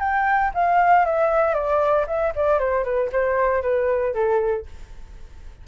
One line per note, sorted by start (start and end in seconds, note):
0.00 0.52 G5
0.55 1.06 F5
1.06 1.54 E5
1.54 2.06 D5
2.07 2.33 E5
2.36 2.59 D5
2.59 2.84 C5
2.84 3.10 B4
3.13 3.62 C5
3.62 4.14 B4
4.14 4.66 A4